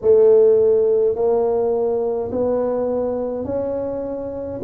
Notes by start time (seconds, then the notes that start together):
0.01 A3
1.15 A#3
2.31 B3
3.45 C#4